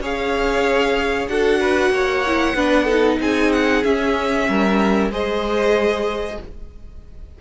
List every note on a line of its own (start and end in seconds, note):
0.00 1.28 C#4
0.00 1.29 G#4
0.00 1.29 C#5
0.00 1.28 F5
1.28 1.90 D4
1.28 2.25 F#4
1.28 1.60 A4
1.28 3.19 F#5
1.60 1.91 B4
1.90 2.53 A#3
1.90 2.55 C#5
2.27 2.56 E4
2.55 3.18 B3
2.55 2.87 D4
2.55 2.84 B4
2.84 3.83 D#4
2.84 3.16 A4
3.19 3.83 C4
3.19 4.49 G#4
3.19 3.52 G#5
3.52 3.83 F#5
3.83 5.11 C#4
3.83 4.48 C#4
3.83 5.11 E5
4.48 5.10 G3
4.48 5.11 A#4
5.10 6.37 G#3
5.10 6.39 G#4
5.10 6.39 C5
5.10 6.41 D#5